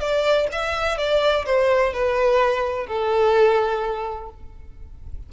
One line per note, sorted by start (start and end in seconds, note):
0.00 0.48 D5
0.52 0.98 E5
0.98 1.45 D5
1.45 1.93 C5
1.93 2.87 B4
2.87 4.29 A4